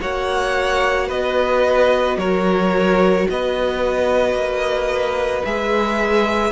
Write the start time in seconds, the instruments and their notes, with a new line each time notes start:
0.00 cello A#3, viola F#4, violin C#5 F#5
1.07 cello B3, violin B4 D#5
2.17 cello F#3, violin A#4 C#5
3.30 cello B3, violin B4 D#5
4.33 cello A#3
5.44 cello G#3, viola G#4, violin E5